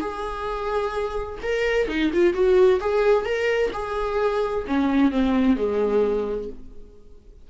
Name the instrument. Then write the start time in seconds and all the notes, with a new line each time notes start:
viola
0.00 G#4
1.42 A#4
1.88 D#4
2.13 F4
2.33 F#4
2.80 G#4
3.25 A#4
3.72 G#4
4.67 C#4
5.11 C4
5.56 G#3